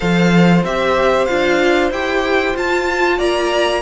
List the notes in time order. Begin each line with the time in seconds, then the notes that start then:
0.00 F3 A4 C5 F5
0.63 C4 G4 E5
1.25 D4 F4 F5
1.90 E4 G4 G5
2.54 F4 A5
3.17 A#3 D5 A#5